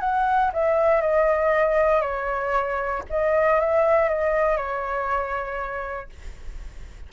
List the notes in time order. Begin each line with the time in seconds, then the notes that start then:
0.00 F#5
0.53 E5
1.01 D#5
2.01 C#5
3.10 D#5
3.60 E5
4.09 D#5
4.57 C#5